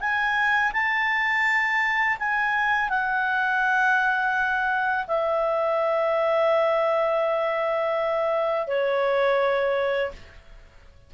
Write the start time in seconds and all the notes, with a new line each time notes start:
0.00 G#5
0.73 A5
2.19 G#5
2.89 F#5
5.07 E5
8.67 C#5